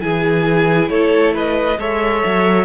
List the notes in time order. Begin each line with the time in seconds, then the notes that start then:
0.00 E3 E4 G#4 G#5
0.89 A3 A4 C#5
1.33 B4 D#5
1.78 G#3 A4 C#5 E5
2.25 F#3